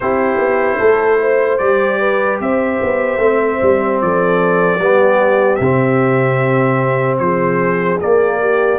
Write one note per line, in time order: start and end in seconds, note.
0.00 0.37 C4
0.00 1.59 E4
0.00 0.78 G4
0.00 1.58 C5
0.37 0.77 B3
0.78 1.60 A3
0.78 1.18 A4
1.20 1.99 C5
1.58 2.40 G3
1.58 3.19 G4
1.58 2.38 D5
1.99 2.39 B4
2.40 2.80 C4
2.40 4.00 C5
2.40 4.01 E5
2.82 3.17 B3
3.17 3.57 A3
3.17 4.79 C4
3.62 4.01 G3
4.01 4.79 F3
4.01 4.80 A4
4.01 5.55 D5
4.79 5.59 G3
4.79 5.61 B3
4.79 7.20 G4
5.55 7.19 C3
5.55 7.15 E5
5.62 8.00 C4
7.18 7.99 F3
7.18 8.40 G#4
7.18 7.98 C5
8.00 8.78 A#3
8.00 8.78 D5
8.40 8.78 G4